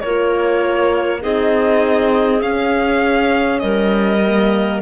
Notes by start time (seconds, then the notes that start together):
0.00 A#3 F4 A#4 C#5
1.20 C4 D#4 G#4 D#5
2.41 C#4 F5
3.59 G3 A#4 D#5
4.25 A#3